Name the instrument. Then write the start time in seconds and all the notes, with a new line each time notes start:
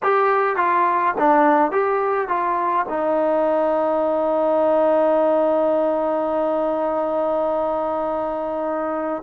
trombone
0.02 G4
0.56 F4
1.17 D4
1.71 G4
2.28 F4
2.88 D#4